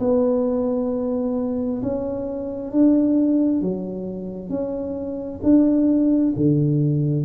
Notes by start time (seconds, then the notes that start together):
0.00 B3
1.82 C#4
2.72 D4
3.62 F#3
4.49 C#4
5.43 D4
6.36 D3